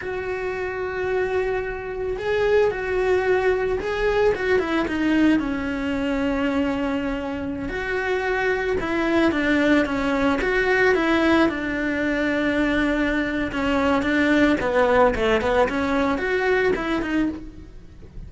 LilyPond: \new Staff \with { instrumentName = "cello" } { \time 4/4 \tempo 4 = 111 fis'1 | gis'4 fis'2 gis'4 | fis'8 e'8 dis'4 cis'2~ | cis'2~ cis'16 fis'4.~ fis'16~ |
fis'16 e'4 d'4 cis'4 fis'8.~ | fis'16 e'4 d'2~ d'8.~ | d'4 cis'4 d'4 b4 | a8 b8 cis'4 fis'4 e'8 dis'8 | }